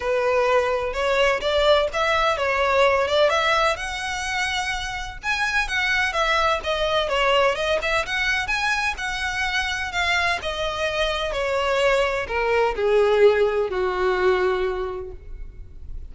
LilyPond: \new Staff \with { instrumentName = "violin" } { \time 4/4 \tempo 4 = 127 b'2 cis''4 d''4 | e''4 cis''4. d''8 e''4 | fis''2. gis''4 | fis''4 e''4 dis''4 cis''4 |
dis''8 e''8 fis''4 gis''4 fis''4~ | fis''4 f''4 dis''2 | cis''2 ais'4 gis'4~ | gis'4 fis'2. | }